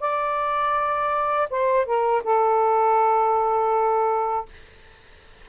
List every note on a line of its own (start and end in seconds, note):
0.00 1.48 D5
1.50 1.86 C5
1.86 2.23 A#4
2.23 4.45 A4